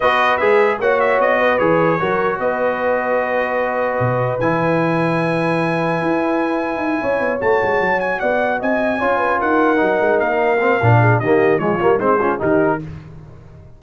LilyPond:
<<
  \new Staff \with { instrumentName = "trumpet" } { \time 4/4 \tempo 4 = 150 dis''4 e''4 fis''8 e''8 dis''4 | cis''2 dis''2~ | dis''2. gis''4~ | gis''1~ |
gis''2~ gis''8 a''4. | gis''8 fis''4 gis''2 fis''8~ | fis''4. f''2~ f''8 | dis''4 cis''4 c''4 ais'4 | }
  \new Staff \with { instrumentName = "horn" } { \time 4/4 b'2 cis''4. b'8~ | b'4 ais'4 b'2~ | b'1~ | b'1~ |
b'4. cis''2~ cis''8~ | cis''8 d''4 dis''4 cis''8 b'8 ais'8~ | ais'2.~ ais'8 gis'8 | g'4 f'4 dis'8 f'8 g'4 | }
  \new Staff \with { instrumentName = "trombone" } { \time 4/4 fis'4 gis'4 fis'2 | gis'4 fis'2.~ | fis'2. e'4~ | e'1~ |
e'2~ e'8 fis'4.~ | fis'2~ fis'8 f'4.~ | f'8 dis'2 c'8 d'4 | ais4 gis8 ais8 c'8 cis'8 dis'4 | }
  \new Staff \with { instrumentName = "tuba" } { \time 4/4 b4 gis4 ais4 b4 | e4 fis4 b2~ | b2 b,4 e4~ | e2. e'4~ |
e'4 dis'8 cis'8 b8 a8 gis8 fis8~ | fis8 b4 c'4 cis'4 dis'8~ | dis'8 fis8 gis8 ais4. ais,4 | dis4 f8 g8 gis4 dis4 | }
>>